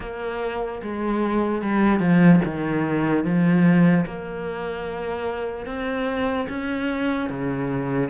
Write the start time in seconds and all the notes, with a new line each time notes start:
0.00 A#3
0.82 G#3
1.62 G3
1.99 F3
2.44 D#3
3.24 F3
4.05 A#3
5.65 C4
6.48 C#4
7.29 C#3